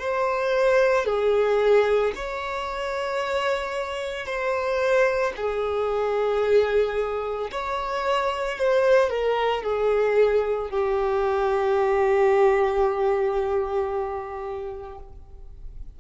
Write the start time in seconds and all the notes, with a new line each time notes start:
0.00 C5
1.06 G#4
2.16 C#5
4.26 C5
5.37 G#4
7.52 C#5
8.59 C5
9.10 A#4
9.63 G#4
10.70 G4